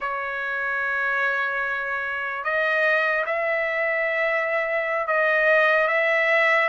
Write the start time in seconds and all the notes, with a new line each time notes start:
0.00 C#5
2.43 D#5
3.25 E5
5.07 D#5
5.87 E5